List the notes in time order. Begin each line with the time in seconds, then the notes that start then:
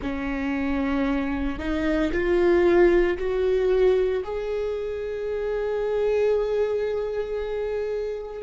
0.01 C#4
1.58 D#4
2.12 F4
3.18 F#4
4.23 G#4